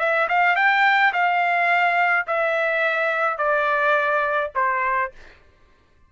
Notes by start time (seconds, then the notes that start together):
0.00 E5
0.29 F5
0.56 G5
1.13 F5
2.27 E5
3.38 D5
4.56 C5